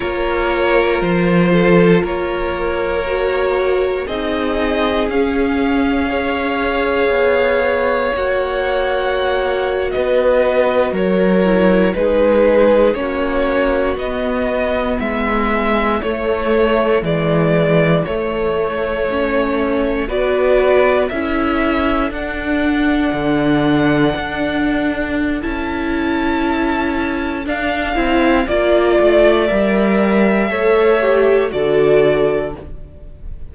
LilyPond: <<
  \new Staff \with { instrumentName = "violin" } { \time 4/4 \tempo 4 = 59 cis''4 c''4 cis''2 | dis''4 f''2. | fis''4.~ fis''16 dis''4 cis''4 b'16~ | b'8. cis''4 dis''4 e''4 cis''16~ |
cis''8. d''4 cis''2 d''16~ | d''8. e''4 fis''2~ fis''16~ | fis''4 a''2 f''4 | d''4 e''2 d''4 | }
  \new Staff \with { instrumentName = "violin" } { \time 4/4 ais'4. a'8 ais'2 | gis'2 cis''2~ | cis''4.~ cis''16 b'4 ais'4 gis'16~ | gis'8. fis'2 e'4~ e'16~ |
e'2.~ e'8. b'16~ | b'8. a'2.~ a'16~ | a'1 | d''2 cis''4 a'4 | }
  \new Staff \with { instrumentName = "viola" } { \time 4/4 f'2. fis'4 | dis'4 cis'4 gis'2 | fis'2.~ fis'16 e'8 dis'16~ | dis'8. cis'4 b2 a16~ |
a8. gis4 a4 cis'4 fis'16~ | fis'8. e'4 d'2~ d'16~ | d'4 e'2 d'8 e'8 | f'4 ais'4 a'8 g'8 fis'4 | }
  \new Staff \with { instrumentName = "cello" } { \time 4/4 ais4 f4 ais2 | c'4 cis'2 b4 | ais4.~ ais16 b4 fis4 gis16~ | gis8. ais4 b4 gis4 a16~ |
a8. e4 a2 b16~ | b8. cis'4 d'4 d4 d'16~ | d'4 cis'2 d'8 c'8 | ais8 a8 g4 a4 d4 | }
>>